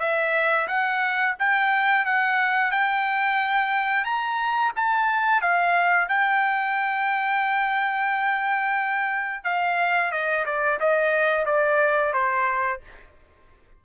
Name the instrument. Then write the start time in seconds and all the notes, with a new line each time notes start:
trumpet
0.00 E5
0.68 F#5
1.39 G5
2.05 F#5
2.72 G5
4.05 A#5
4.76 A5
5.42 F5
6.09 G5
9.44 F5
10.12 D#5
10.46 D5
10.80 D#5
11.46 D5
12.13 C5